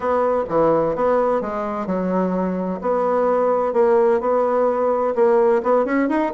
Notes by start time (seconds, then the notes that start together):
0.00 B3
0.48 E3
0.95 B3
1.41 G#3
1.86 F#3
2.81 B3
3.73 A#3
4.20 B3
5.15 A#3
5.62 B3
5.85 C#4
6.08 D#4